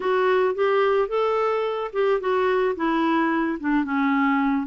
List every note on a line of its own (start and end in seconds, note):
0.00 0.54 F#4
0.54 1.08 G4
1.08 1.91 A4
1.92 2.20 G4
2.20 2.75 F#4
2.75 3.58 E4
3.60 3.84 D4
3.84 4.66 C#4